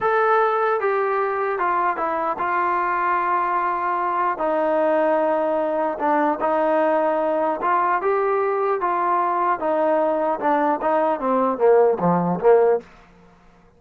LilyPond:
\new Staff \with { instrumentName = "trombone" } { \time 4/4 \tempo 4 = 150 a'2 g'2 | f'4 e'4 f'2~ | f'2. dis'4~ | dis'2. d'4 |
dis'2. f'4 | g'2 f'2 | dis'2 d'4 dis'4 | c'4 ais4 f4 ais4 | }